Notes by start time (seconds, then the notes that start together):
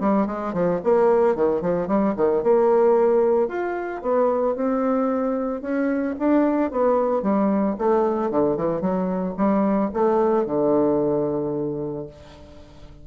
0.00 G3
0.27 G#3
0.53 F3
0.84 A#3
1.35 D#3
1.61 F3
1.87 G3
2.16 D#3
2.43 A#3
3.48 F4
4.02 B3
4.55 C4
5.61 C#4
6.19 D4
6.71 B3
7.22 G3
7.78 A3
8.30 D3
8.57 E3
8.81 F#3
9.37 G3
9.93 A3
10.46 D3